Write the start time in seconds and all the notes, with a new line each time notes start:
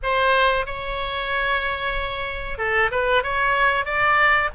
0.02 C5
0.65 C#5
2.58 A4
2.91 B4
3.23 C#5
3.85 D5